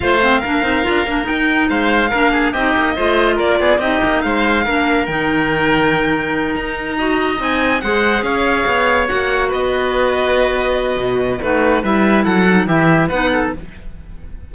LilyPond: <<
  \new Staff \with { instrumentName = "violin" } { \time 4/4 \tempo 4 = 142 f''2. g''4 | f''2 dis''2 | d''4 dis''4 f''2 | g''2.~ g''8 ais''8~ |
ais''4. gis''4 fis''4 f''8~ | f''4. fis''4 dis''4.~ | dis''2. b'4 | e''4 fis''4 e''4 fis''4 | }
  \new Staff \with { instrumentName = "oboe" } { \time 4/4 c''4 ais'2. | c''4 ais'8 gis'8 g'4 c''4 | ais'8 gis'8 g'4 c''4 ais'4~ | ais'1~ |
ais'8 dis''2 c''4 cis''8~ | cis''2~ cis''8 b'4.~ | b'2. fis'4 | b'4 a'4 g'4 b'8 a'8 | }
  \new Staff \with { instrumentName = "clarinet" } { \time 4/4 f'8 c'8 d'8 dis'8 f'8 d'8 dis'4~ | dis'4 d'4 dis'4 f'4~ | f'4 dis'2 d'4 | dis'1~ |
dis'8 fis'4 dis'4 gis'4.~ | gis'4. fis'2~ fis'8~ | fis'2. dis'4 | e'4. dis'8 e'4 dis'4 | }
  \new Staff \with { instrumentName = "cello" } { \time 4/4 a4 ais8 c'8 d'8 ais8 dis'4 | gis4 ais4 c'8 ais8 a4 | ais8 b8 c'8 ais8 gis4 ais4 | dis2.~ dis8 dis'8~ |
dis'4. c'4 gis4 cis'8~ | cis'8 b4 ais4 b4.~ | b2 b,4 a4 | g4 fis4 e4 b4 | }
>>